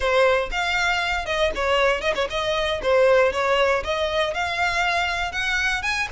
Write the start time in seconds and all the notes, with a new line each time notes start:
0.00 C5
0.51 F5
1.25 D#5
1.55 C#5
2.01 D#5
2.15 C#5
2.30 D#5
2.82 C5
3.32 C#5
3.83 D#5
4.34 F5
5.32 F#5
5.82 G#5